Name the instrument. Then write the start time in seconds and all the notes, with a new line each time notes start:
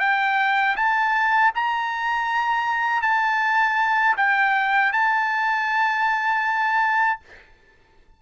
trumpet
0.00 G5
0.76 A5
1.55 A#5
3.02 A5
4.17 G5
4.93 A5